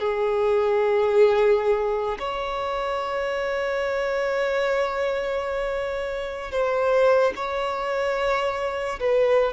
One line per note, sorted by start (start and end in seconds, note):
0.00 2.18 G#4
2.19 6.52 C#5
6.52 7.33 C5
7.36 9.00 C#5
9.00 9.53 B4